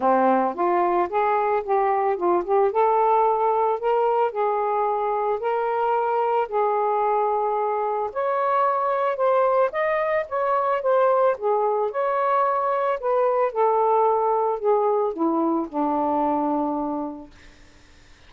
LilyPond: \new Staff \with { instrumentName = "saxophone" } { \time 4/4 \tempo 4 = 111 c'4 f'4 gis'4 g'4 | f'8 g'8 a'2 ais'4 | gis'2 ais'2 | gis'2. cis''4~ |
cis''4 c''4 dis''4 cis''4 | c''4 gis'4 cis''2 | b'4 a'2 gis'4 | e'4 d'2. | }